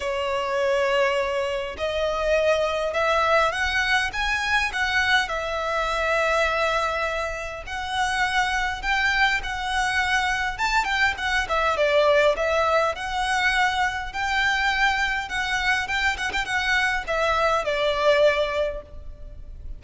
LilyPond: \new Staff \with { instrumentName = "violin" } { \time 4/4 \tempo 4 = 102 cis''2. dis''4~ | dis''4 e''4 fis''4 gis''4 | fis''4 e''2.~ | e''4 fis''2 g''4 |
fis''2 a''8 g''8 fis''8 e''8 | d''4 e''4 fis''2 | g''2 fis''4 g''8 fis''16 g''16 | fis''4 e''4 d''2 | }